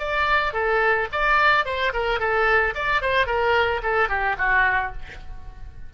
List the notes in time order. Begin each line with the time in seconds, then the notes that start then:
0.00 D5
0.54 A4
1.12 D5
1.66 C5
1.94 A#4
2.20 A4
2.75 D5
3.02 C5
3.27 A#4
3.83 A4
4.09 G4
4.38 F#4